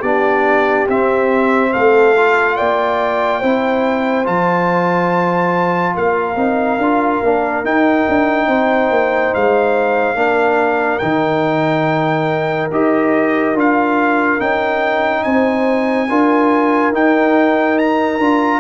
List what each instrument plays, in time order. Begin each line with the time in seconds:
0.00 tuba B3, trombone D4, horn G4, trumpet D5
0.88 tuba C4, trombone C4, trumpet E5
1.73 tuba A3, horn A4, trumpet F5
2.17 trombone F4
2.56 tuba A#3, horn D5, trumpet G5
3.40 tuba C4, trombone E4, horn C5
4.25 tuba F3, trombone F4, trumpet A5
5.95 tuba A#3, horn A#4, trumpet F5
6.36 tuba C4, trombone D#4
6.78 tuba D4, trombone F4
7.23 tuba A#3, trombone D4
7.64 tuba D#4, trombone D#4, trumpet G5
8.09 tuba D4
8.48 tuba C4, horn C5
8.90 tuba A#3
9.35 tuba G#3, trumpet F5
10.15 tuba A#3, trombone D4, horn A#4
10.99 tuba D#3, trombone D#4, trumpet G5
12.71 tuba D#4, trombone G4, trumpet D#5
13.55 tuba D4, trombone F4, trumpet F5
14.39 tuba C#4, trombone D#4, trumpet G5
15.24 tuba C4, horn C5, trumpet G#5
16.10 tuba D4, trombone F4, horn A#4
16.93 tuba D#4, trombone D#4, trumpet G5
17.79 trumpet A#5
18.19 tuba D4, trombone F4